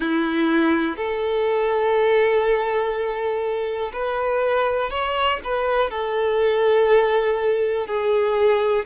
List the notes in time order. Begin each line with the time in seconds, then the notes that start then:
0.00 E4
0.97 A4
3.93 B4
4.90 C#5
5.44 B4
5.90 A4
7.86 G#4